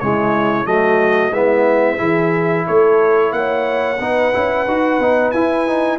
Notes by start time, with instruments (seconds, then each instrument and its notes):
0.00 tuba C#3, trombone G#3, horn E4, trumpet C#5
0.65 tuba F#3, trombone A3, horn F#4, trumpet D#5
1.32 tuba G#3, trombone B3, horn E4, trumpet E5
1.98 tuba E3, trombone E4, horn G#4
2.67 tuba A3, horn A4, trumpet C#5
3.32 tuba A#3, horn C#5, trumpet F#5
4.00 tuba B3, trombone D#4, horn B4
4.33 tuba C#4, trombone E4
4.67 tuba D#4, trombone F#4
4.99 tuba B3, trombone D#4
5.31 tuba E4, trombone E4, trumpet G#5
5.67 trombone D#4